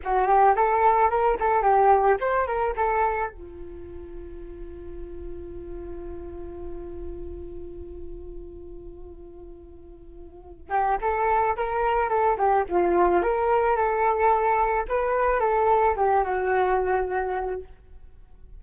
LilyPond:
\new Staff \with { instrumentName = "flute" } { \time 4/4 \tempo 4 = 109 fis'8 g'8 a'4 ais'8 a'8 g'4 | c''8 ais'8 a'4 f'2~ | f'1~ | f'1~ |
f'2.~ f'8 g'8 | a'4 ais'4 a'8 g'8 f'4 | ais'4 a'2 b'4 | a'4 g'8 fis'2~ fis'8 | }